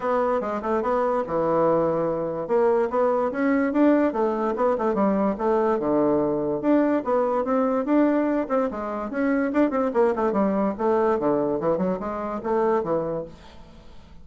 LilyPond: \new Staff \with { instrumentName = "bassoon" } { \time 4/4 \tempo 4 = 145 b4 gis8 a8 b4 e4~ | e2 ais4 b4 | cis'4 d'4 a4 b8 a8 | g4 a4 d2 |
d'4 b4 c'4 d'4~ | d'8 c'8 gis4 cis'4 d'8 c'8 | ais8 a8 g4 a4 d4 | e8 fis8 gis4 a4 e4 | }